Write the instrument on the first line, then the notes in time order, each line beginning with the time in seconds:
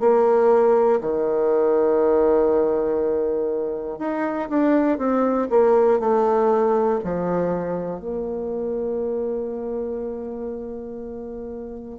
bassoon
0.00 A#3
1.00 D#3
3.98 D#4
4.49 D4
4.97 C4
5.50 A#3
5.99 A3
7.04 F3
8.00 A#3